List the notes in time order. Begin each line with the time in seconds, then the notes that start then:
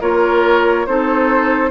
0.00 A#3 F4 A#4 C#5
0.86 C4 D#4 A4 C5